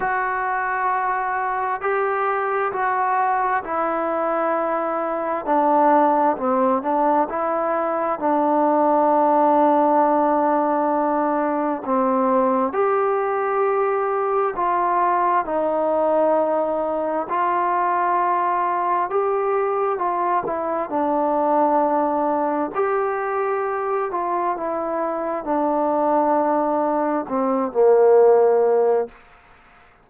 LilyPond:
\new Staff \with { instrumentName = "trombone" } { \time 4/4 \tempo 4 = 66 fis'2 g'4 fis'4 | e'2 d'4 c'8 d'8 | e'4 d'2.~ | d'4 c'4 g'2 |
f'4 dis'2 f'4~ | f'4 g'4 f'8 e'8 d'4~ | d'4 g'4. f'8 e'4 | d'2 c'8 ais4. | }